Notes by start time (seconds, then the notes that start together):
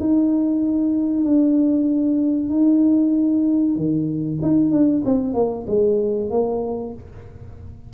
0.00 D#4
1.24 D4
2.50 D#4
3.76 D#3
4.42 D#4
4.71 D4
5.05 C4
5.34 A#3
5.67 G#3
6.30 A#3